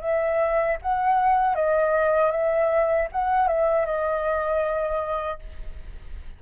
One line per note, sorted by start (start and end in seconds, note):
0.00 0.77 E5
0.81 1.55 F#5
1.55 2.31 D#5
2.31 3.08 E5
3.12 3.47 F#5
3.47 3.85 E5
3.85 5.39 D#5